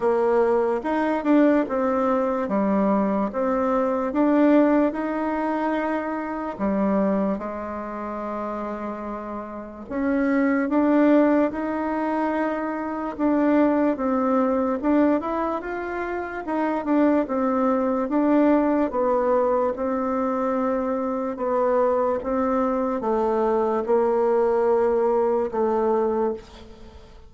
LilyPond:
\new Staff \with { instrumentName = "bassoon" } { \time 4/4 \tempo 4 = 73 ais4 dis'8 d'8 c'4 g4 | c'4 d'4 dis'2 | g4 gis2. | cis'4 d'4 dis'2 |
d'4 c'4 d'8 e'8 f'4 | dis'8 d'8 c'4 d'4 b4 | c'2 b4 c'4 | a4 ais2 a4 | }